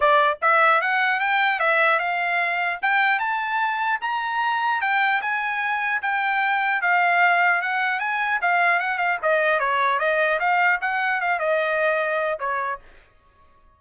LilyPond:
\new Staff \with { instrumentName = "trumpet" } { \time 4/4 \tempo 4 = 150 d''4 e''4 fis''4 g''4 | e''4 f''2 g''4 | a''2 ais''2 | g''4 gis''2 g''4~ |
g''4 f''2 fis''4 | gis''4 f''4 fis''8 f''8 dis''4 | cis''4 dis''4 f''4 fis''4 | f''8 dis''2~ dis''8 cis''4 | }